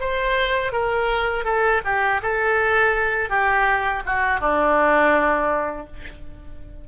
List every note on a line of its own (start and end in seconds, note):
0.00 0.72 C5
0.72 1.44 A#4
1.44 1.81 A4
1.84 2.21 G4
2.22 3.29 A4
3.29 4.02 G4
4.06 4.40 F#4
4.40 5.86 D4